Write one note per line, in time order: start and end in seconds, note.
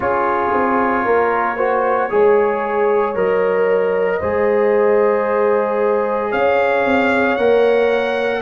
0.00 0.51 C#4
0.00 1.57 F4
0.00 1.05 G#4
0.00 3.16 C#5
0.52 1.05 C4
1.05 2.10 A#3
1.05 1.57 A#4
1.57 2.10 F#4
1.57 2.09 C5
2.10 3.15 G#3
2.10 3.15 G#4
2.10 4.18 C#5
3.15 4.20 F#3
3.15 4.20 A#4
3.15 6.32 D#5
4.18 6.32 G#3
4.18 7.38 G#4
4.18 6.29 C5
6.31 6.84 C#4
6.31 8.41 C#5
6.31 7.36 F5
6.84 7.37 C4
7.36 8.42 A#3
7.36 8.42 A#4
7.36 8.41 F#5